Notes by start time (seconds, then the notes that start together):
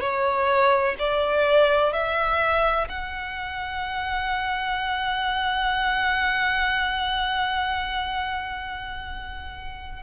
0.00 C#5
0.98 D5
1.93 E5
2.88 F#5